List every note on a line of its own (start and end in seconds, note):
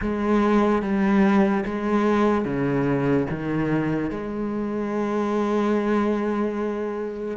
0.01 0.82 G#3
0.82 1.64 G3
1.65 2.44 G#3
2.44 3.27 C#3
3.30 4.10 D#3
4.10 7.37 G#3